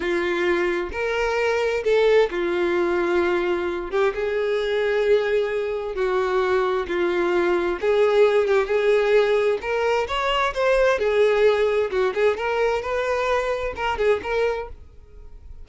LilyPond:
\new Staff \with { instrumentName = "violin" } { \time 4/4 \tempo 4 = 131 f'2 ais'2 | a'4 f'2.~ | f'8 g'8 gis'2.~ | gis'4 fis'2 f'4~ |
f'4 gis'4. g'8 gis'4~ | gis'4 ais'4 cis''4 c''4 | gis'2 fis'8 gis'8 ais'4 | b'2 ais'8 gis'8 ais'4 | }